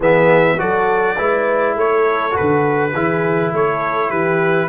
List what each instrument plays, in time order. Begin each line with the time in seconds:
0.00 tuba E3, trombone B3, horn G#4, trumpet E5
0.58 tuba F#3, trombone F#4, horn A4, trumpet D5
1.16 tuba G#3, trombone E4, horn B4
1.76 tuba A3, horn A4, trumpet C#5
2.31 trombone F#4, trumpet B4
2.40 tuba D3
2.93 tuba E3, trombone E4, horn G#4
3.52 tuba A3, horn A4, trumpet C#5
4.09 tuba E3, horn G4, trumpet B4